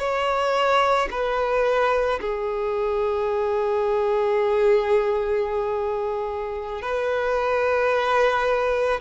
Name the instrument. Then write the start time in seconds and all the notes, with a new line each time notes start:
violin
0.00 C#5
1.11 B4
2.21 G#4
6.82 B4